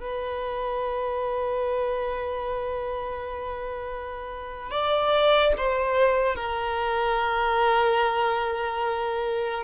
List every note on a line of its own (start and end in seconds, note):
0.00 4.71 B4
4.71 5.53 D5
5.57 6.35 C5
6.35 9.64 A#4